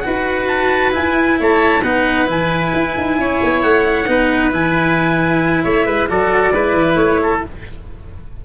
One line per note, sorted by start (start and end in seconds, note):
0.00 0.92 F#4
0.00 0.45 F#5
0.06 0.96 D#4
0.06 1.40 B4
0.48 0.93 A5
0.92 1.82 E4
0.92 1.41 E4
0.92 1.39 G#5
1.40 1.83 A3
1.40 1.83 C#5
1.40 1.84 A5
1.83 2.28 B3
1.83 2.27 D#4
1.83 3.17 B4
1.83 2.29 F#5
2.27 2.73 E3
2.27 4.06 E4
2.27 3.63 G#5
2.74 2.97 E4
2.98 3.19 D#4
3.19 3.41 C#4
3.19 4.10 C#5
3.43 3.64 B3
3.63 4.08 A3
3.63 4.52 F#5
4.08 4.53 B3
4.08 4.52 D#4
4.08 5.64 B4
4.52 5.65 E3
4.52 6.08 E4
4.52 5.64 G#5
5.64 5.86 A3
5.64 5.87 C#5
5.64 6.09 E5
5.86 6.08 G#3
5.86 6.09 B4
6.09 6.52 F#3
6.09 6.54 F#4
6.09 6.54 A4
6.09 6.96 D5
6.52 6.74 G#3
6.52 7.46 E4
6.52 7.21 B4
6.74 6.96 E3
6.96 7.40 A3
6.96 7.41 C#5
7.23 7.45 A4